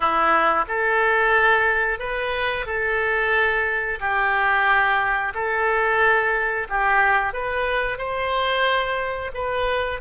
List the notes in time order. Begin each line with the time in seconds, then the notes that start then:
0.00 E4
0.68 A4
1.99 B4
2.65 A4
4.00 G4
5.34 A4
6.69 G4
7.33 B4
7.98 C5
9.34 B4